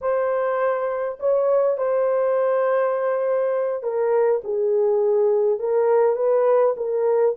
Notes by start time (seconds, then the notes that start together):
0.01 C5
1.19 C#5
1.77 C5
3.82 A#4
4.44 G#4
5.59 A#4
6.16 B4
6.76 A#4